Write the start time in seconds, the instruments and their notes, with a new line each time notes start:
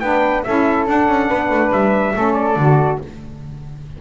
0.00 double bass B3, saxophone D4, flute B4, trumpet G5
0.44 double bass C#4, saxophone E4, flute A4, trumpet E5
0.87 saxophone D4, double bass D4, trumpet F#5
1.08 double bass C#4
1.28 double bass B3, flute B4
1.50 double bass A3
1.72 double bass G3, trumpet E5
2.14 double bass A3, saxophone C#4, flute A4
2.34 trumpet D5
2.56 double bass D3, saxophone F#4